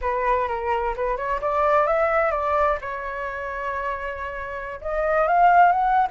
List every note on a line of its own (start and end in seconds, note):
0.01 0.48 B4
0.48 0.95 A#4
0.96 1.16 B4
1.16 1.40 C#5
1.41 1.86 D5
1.86 2.31 E5
2.31 2.78 D5
2.81 4.80 C#5
4.81 5.27 D#5
5.27 5.72 F5
5.72 6.07 F#5